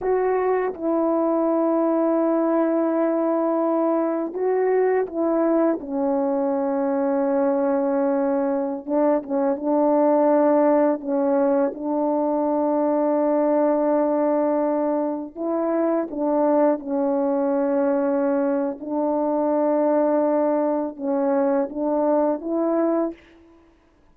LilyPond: \new Staff \with { instrumentName = "horn" } { \time 4/4 \tempo 4 = 83 fis'4 e'2.~ | e'2 fis'4 e'4 | cis'1~ | cis'16 d'8 cis'8 d'2 cis'8.~ |
cis'16 d'2.~ d'8.~ | d'4~ d'16 e'4 d'4 cis'8.~ | cis'2 d'2~ | d'4 cis'4 d'4 e'4 | }